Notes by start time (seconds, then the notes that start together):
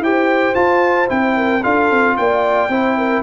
0.00 E4 G4 C5 G5
0.55 F4 A5
1.07 C4 E4 G5
1.36 A#4
1.62 D4 F4 A4 F5
1.91 C4
2.17 A#3 D5 G5
2.69 C4 E4 C5
2.97 A#4